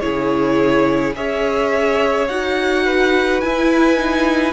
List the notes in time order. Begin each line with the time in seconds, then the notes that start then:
0.00 C#3 E4 G#4 C#5
1.16 C#4 G#4 C#5 E5
2.28 D#4 F#4 F#5
2.85 B4
3.41 E4 G#5
3.97 D#4